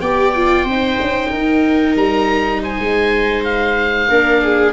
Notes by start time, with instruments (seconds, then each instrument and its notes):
0.00 tuba B3, viola G4 D5, oboe G5
0.35 viola F4
0.63 tuba C4, viola C5
0.70 viola D#4
1.00 tuba C#4
1.30 tuba D#4, viola A#4
1.95 tuba G3, oboe A#5
2.62 viola C5, oboe G#5
2.79 tuba G#3
3.44 oboe F5
4.08 tuba A#3, viola D4 A#4
4.42 viola G#4